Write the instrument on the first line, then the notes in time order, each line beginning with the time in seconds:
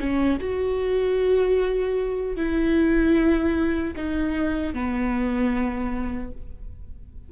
viola
0.00 C#4
0.39 F#4
2.36 E4
3.96 D#4
4.74 B3